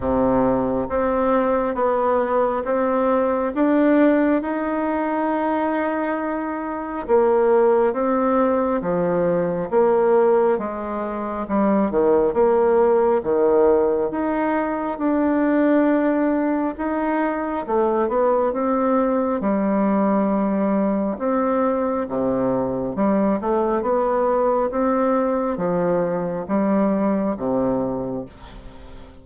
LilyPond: \new Staff \with { instrumentName = "bassoon" } { \time 4/4 \tempo 4 = 68 c4 c'4 b4 c'4 | d'4 dis'2. | ais4 c'4 f4 ais4 | gis4 g8 dis8 ais4 dis4 |
dis'4 d'2 dis'4 | a8 b8 c'4 g2 | c'4 c4 g8 a8 b4 | c'4 f4 g4 c4 | }